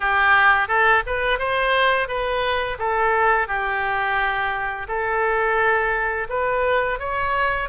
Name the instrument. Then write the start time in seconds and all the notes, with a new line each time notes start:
oboe
0.00 G4
0.68 A4
1.06 B4
1.39 C5
2.07 B4
2.78 A4
3.47 G4
4.88 A4
6.29 B4
6.99 C#5